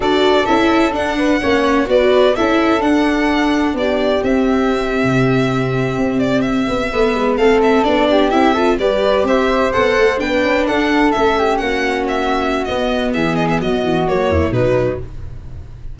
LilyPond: <<
  \new Staff \with { instrumentName = "violin" } { \time 4/4 \tempo 4 = 128 d''4 e''4 fis''2 | d''4 e''4 fis''2 | d''4 e''2.~ | e''4~ e''16 d''8 e''2 f''16~ |
f''16 e''8 d''4 e''4 d''4 e''16~ | e''8. fis''4 g''4 fis''4 e''16~ | e''8. fis''4 e''4~ e''16 dis''4 | e''8 dis''16 e''16 dis''4 cis''4 b'4 | }
  \new Staff \with { instrumentName = "flute" } { \time 4/4 a'2~ a'8 b'8 cis''4 | b'4 a'2. | g'1~ | g'2~ g'8. b'4 a'16~ |
a'4~ a'16 g'4 a'8 b'4 c''16~ | c''4.~ c''16 b'4 a'4~ a'16~ | a'16 g'8 fis'2.~ fis'16 | gis'4 fis'4. e'8 dis'4 | }
  \new Staff \with { instrumentName = "viola" } { \time 4/4 fis'4 e'4 d'4 cis'4 | fis'4 e'4 d'2~ | d'4 c'2.~ | c'2~ c'8. b4 c'16~ |
c'8. d'4 e'8 f'8 g'4~ g'16~ | g'8. a'4 d'2 cis'16~ | cis'2. b4~ | b2 ais4 fis4 | }
  \new Staff \with { instrumentName = "tuba" } { \time 4/4 d'4 cis'4 d'4 ais4 | b4 cis'4 d'2 | b4 c'4.~ c'16 c4~ c16~ | c8. c'4. b8 a8 gis8 a16~ |
a8. b4 c'4 g4 c'16~ | c'8. b8 a8 b8 cis'8 d'4 a16~ | a8. ais2~ ais16 b4 | e4 fis8 e8 fis8 e,8 b,4 | }
>>